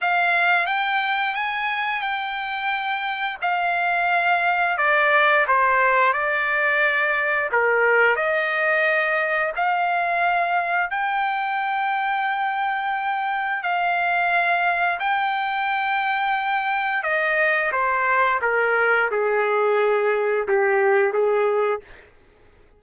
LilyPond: \new Staff \with { instrumentName = "trumpet" } { \time 4/4 \tempo 4 = 88 f''4 g''4 gis''4 g''4~ | g''4 f''2 d''4 | c''4 d''2 ais'4 | dis''2 f''2 |
g''1 | f''2 g''2~ | g''4 dis''4 c''4 ais'4 | gis'2 g'4 gis'4 | }